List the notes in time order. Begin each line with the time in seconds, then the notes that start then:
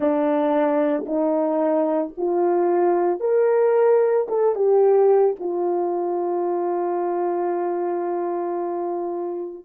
0.00 D4
1.06 D#4
2.17 F4
3.19 A#4
4.28 A4
4.55 G4
5.39 F4